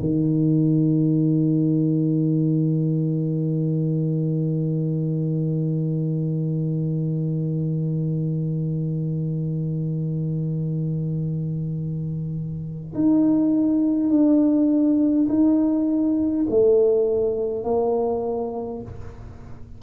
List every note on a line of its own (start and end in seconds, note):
0.00 12.94 D#3
12.95 14.10 D#4
14.10 15.28 D4
15.29 16.47 D#4
16.50 17.64 A3
17.64 18.82 A#3